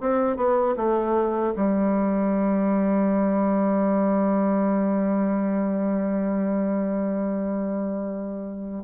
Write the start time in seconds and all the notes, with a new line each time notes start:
0.00 C4
0.36 B3
0.77 A3
1.56 G3